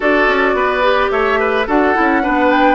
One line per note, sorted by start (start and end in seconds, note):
0.00 0.27 D4
0.00 0.82 F#4
0.00 0.55 A4
0.00 1.11 D5
0.27 0.54 C#4
0.54 1.09 B3
0.54 1.11 B4
0.82 1.65 G4
1.11 1.66 A3
1.11 1.39 C#5
1.11 1.67 E5
1.39 1.66 B4
1.66 1.94 D4
1.66 1.94 F#4
1.66 2.22 A4
1.66 2.50 F#5
1.94 2.26 C#4
1.94 2.22 E4
2.22 2.75 B3
2.22 2.75 D4
2.22 2.75 B4
2.50 2.75 G5